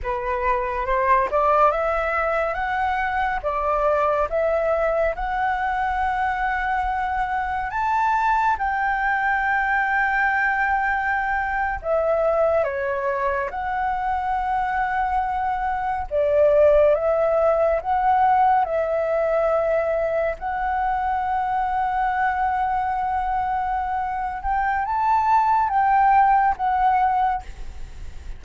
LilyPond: \new Staff \with { instrumentName = "flute" } { \time 4/4 \tempo 4 = 70 b'4 c''8 d''8 e''4 fis''4 | d''4 e''4 fis''2~ | fis''4 a''4 g''2~ | g''4.~ g''16 e''4 cis''4 fis''16~ |
fis''2~ fis''8. d''4 e''16~ | e''8. fis''4 e''2 fis''16~ | fis''1~ | fis''8 g''8 a''4 g''4 fis''4 | }